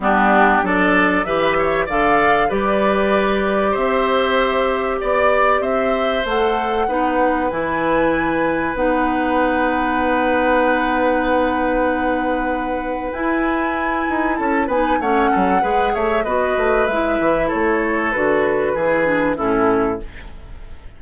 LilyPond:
<<
  \new Staff \with { instrumentName = "flute" } { \time 4/4 \tempo 4 = 96 g'4 d''4 e''4 f''4 | d''2 e''2 | d''4 e''4 fis''2 | gis''2 fis''2~ |
fis''1~ | fis''4 gis''2 a''8 gis''8 | fis''4. e''8 dis''4 e''4 | cis''4 b'2 a'4 | }
  \new Staff \with { instrumentName = "oboe" } { \time 4/4 d'4 a'4 b'8 cis''8 d''4 | b'2 c''2 | d''4 c''2 b'4~ | b'1~ |
b'1~ | b'2. a'8 b'8 | cis''8 a'8 b'8 cis''8 b'2 | a'2 gis'4 e'4 | }
  \new Staff \with { instrumentName = "clarinet" } { \time 4/4 b4 d'4 g'4 a'4 | g'1~ | g'2 a'4 dis'4 | e'2 dis'2~ |
dis'1~ | dis'4 e'2~ e'8 dis'8 | cis'4 gis'4 fis'4 e'4~ | e'4 fis'4 e'8 d'8 cis'4 | }
  \new Staff \with { instrumentName = "bassoon" } { \time 4/4 g4 fis4 e4 d4 | g2 c'2 | b4 c'4 a4 b4 | e2 b2~ |
b1~ | b4 e'4. dis'8 cis'8 b8 | a8 fis8 gis8 a8 b8 a8 gis8 e8 | a4 d4 e4 a,4 | }
>>